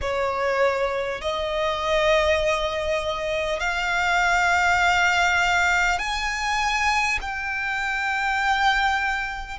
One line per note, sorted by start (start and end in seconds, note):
0.01 1.21 C#5
1.21 3.60 D#5
3.60 5.98 F5
5.98 7.18 G#5
7.21 9.59 G5